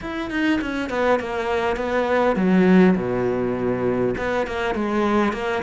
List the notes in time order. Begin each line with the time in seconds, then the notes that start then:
0.01 E4
0.30 D#4
0.61 C#4
0.89 B3
1.19 A#3
1.76 B3
2.35 F#3
2.95 B2
4.17 B3
4.46 A#3
4.74 G#3
5.32 A#3